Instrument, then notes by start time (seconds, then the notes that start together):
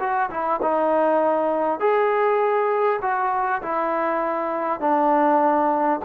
trombone
0.00 F#4
0.31 E4
0.62 D#4
1.80 G#4
3.02 F#4
3.62 E4
4.80 D4